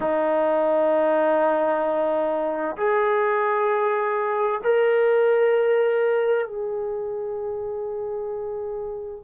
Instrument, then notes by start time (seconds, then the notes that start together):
trombone
0.00 D#4
2.77 G#4
4.63 A#4
6.47 G#4